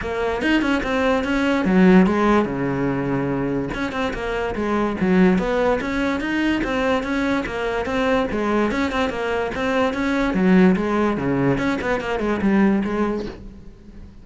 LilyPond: \new Staff \with { instrumentName = "cello" } { \time 4/4 \tempo 4 = 145 ais4 dis'8 cis'8 c'4 cis'4 | fis4 gis4 cis2~ | cis4 cis'8 c'8 ais4 gis4 | fis4 b4 cis'4 dis'4 |
c'4 cis'4 ais4 c'4 | gis4 cis'8 c'8 ais4 c'4 | cis'4 fis4 gis4 cis4 | cis'8 b8 ais8 gis8 g4 gis4 | }